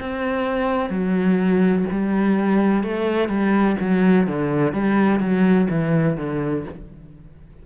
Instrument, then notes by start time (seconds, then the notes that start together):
cello
0.00 C4
0.90 F#3
1.91 G3
2.84 A3
3.29 G3
3.80 F#3
4.27 D3
4.72 G3
5.19 F#3
5.70 E3
6.17 D3